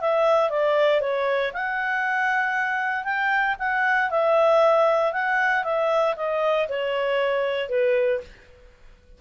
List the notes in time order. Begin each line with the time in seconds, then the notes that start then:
0.00 E5
0.49 D5
1.00 C#5
1.53 F#5
3.04 G5
3.59 F#5
4.10 E5
5.12 F#5
5.63 E5
6.16 D#5
6.68 C#5
7.69 B4